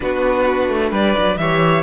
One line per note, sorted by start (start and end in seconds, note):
0.00 0.68 B3
0.00 1.36 D4
0.00 0.91 F#4
0.00 0.92 B4
0.68 0.91 A3
0.91 1.14 G3
0.91 1.37 B4
0.91 1.37 D5
1.18 1.37 F#3
1.37 1.83 E3
1.37 1.83 G4
1.37 1.83 C#5
1.37 1.83 E5